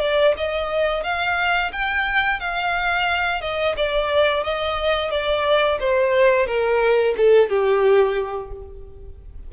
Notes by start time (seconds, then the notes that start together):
0.00 D5
0.37 D#5
1.03 F5
1.72 G5
2.40 F5
3.41 D#5
3.77 D5
4.43 D#5
5.10 D5
5.80 C5
6.46 A#4
7.17 A4
7.49 G4